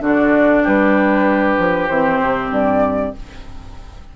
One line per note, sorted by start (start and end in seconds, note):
0.00 0.62 D3
0.00 1.89 D4
0.00 0.63 F#4
0.00 0.67 D5
0.63 1.58 G3
0.63 3.13 G4
0.63 1.87 B4
1.58 1.89 F3
1.87 2.20 E3
1.87 3.16 C4
1.87 2.50 C5
2.21 2.51 C3
2.51 3.13 G2
2.51 3.15 D5